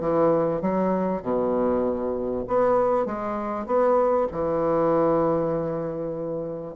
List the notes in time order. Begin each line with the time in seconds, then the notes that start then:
0.00 E3
0.61 F#3
1.22 B2
2.47 B3
3.06 G#3
3.66 B3
4.31 E3